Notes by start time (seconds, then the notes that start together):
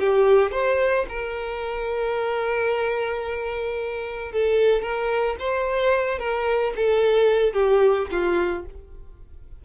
0.00 G4
0.52 C5
1.09 A#4
4.32 A4
4.82 A#4
5.40 C5
6.19 A#4
6.76 A4
7.54 G4
8.12 F4